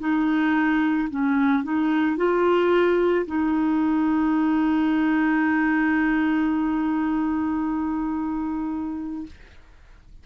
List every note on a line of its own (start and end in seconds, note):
0.00 1.09 D#4
1.11 1.64 C#4
1.64 2.17 D#4
2.17 3.26 F4
3.27 9.27 D#4